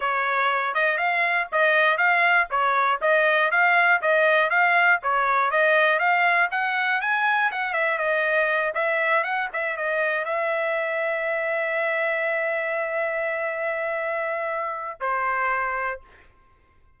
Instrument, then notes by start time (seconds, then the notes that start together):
trumpet
0.00 C#5
0.74 D#5
0.97 F5
1.51 D#5
1.97 F5
2.50 C#5
3.01 D#5
3.51 F5
4.01 D#5
4.50 F5
5.02 C#5
5.50 D#5
5.99 F5
6.51 F#5
7.01 G#5
7.51 F#5
7.73 E5
7.97 D#5
8.74 E5
9.23 F#5
9.53 E5
9.76 D#5
10.25 E5
15.00 C5